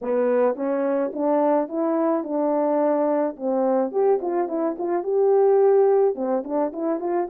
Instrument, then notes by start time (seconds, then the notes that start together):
horn
0.01 B3
0.55 C#4
1.13 D4
1.68 E4
2.23 D4
3.36 C4
3.91 G4
4.21 F4
4.48 E4
4.78 F4
5.03 G4
6.15 C4
6.44 D4
6.72 E4
7.00 F4